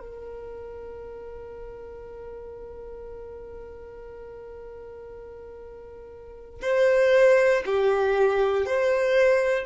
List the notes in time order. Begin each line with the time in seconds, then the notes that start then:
0.00 A#4
6.62 C5
7.66 G4
8.66 C5